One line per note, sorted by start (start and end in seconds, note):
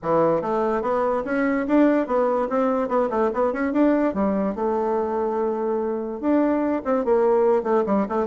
0.02 0.41 E3
0.41 0.82 A3
0.82 1.23 B3
1.25 1.66 C#4
1.67 2.06 D4
2.06 2.48 B3
2.49 2.88 C4
2.88 3.09 B3
3.09 3.30 A3
3.33 3.52 B3
3.52 3.72 C#4
3.72 4.14 D4
4.14 4.55 G3
4.55 6.20 A3
6.20 6.82 D4
6.84 7.05 C4
7.05 7.63 A#3
7.63 7.84 A3
7.86 8.06 G3
8.09 8.27 A3